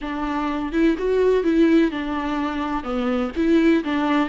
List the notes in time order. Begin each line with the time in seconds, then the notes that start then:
0.01 D4
0.72 E4
0.98 F#4
1.43 E4
1.91 D4
2.83 B3
3.35 E4
3.84 D4